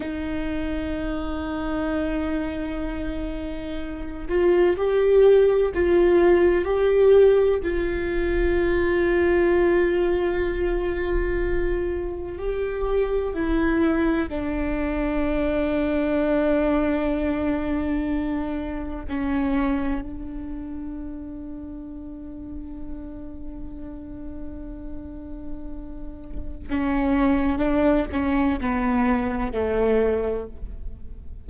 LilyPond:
\new Staff \with { instrumentName = "viola" } { \time 4/4 \tempo 4 = 63 dis'1~ | dis'8 f'8 g'4 f'4 g'4 | f'1~ | f'4 g'4 e'4 d'4~ |
d'1 | cis'4 d'2.~ | d'1 | cis'4 d'8 cis'8 b4 a4 | }